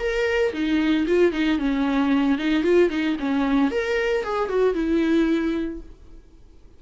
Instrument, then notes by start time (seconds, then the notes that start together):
viola
0.00 A#4
0.53 D#4
1.07 F4
1.33 D#4
1.59 C#4
2.39 D#4
2.64 F4
2.90 D#4
3.20 C#4
3.71 A#4
4.24 G#4
4.49 F#4
4.75 E4